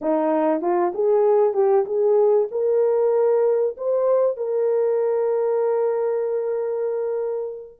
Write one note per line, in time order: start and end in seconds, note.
0.01 0.61 D#4
0.61 0.92 F4
0.94 1.53 G#4
1.53 1.85 G4
1.85 2.47 G#4
2.51 3.76 A#4
3.77 4.36 C5
4.36 7.79 A#4